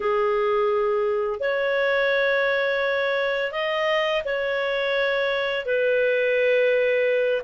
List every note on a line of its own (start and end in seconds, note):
0.00 1.40 G#4
1.40 3.51 C#5
3.52 4.22 D#5
4.24 5.65 C#5
5.65 7.41 B4